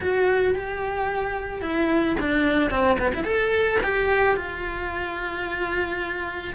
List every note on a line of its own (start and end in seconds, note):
0.00 0.54 F#4
0.54 1.61 G4
1.61 2.16 E4
2.19 2.70 D4
2.70 2.97 C4
2.99 3.12 B3
3.14 3.24 E4
3.24 3.78 A4
3.83 4.36 G4
4.36 6.54 F4